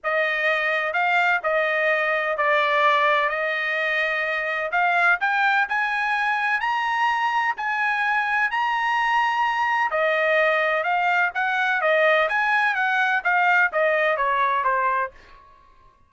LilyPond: \new Staff \with { instrumentName = "trumpet" } { \time 4/4 \tempo 4 = 127 dis''2 f''4 dis''4~ | dis''4 d''2 dis''4~ | dis''2 f''4 g''4 | gis''2 ais''2 |
gis''2 ais''2~ | ais''4 dis''2 f''4 | fis''4 dis''4 gis''4 fis''4 | f''4 dis''4 cis''4 c''4 | }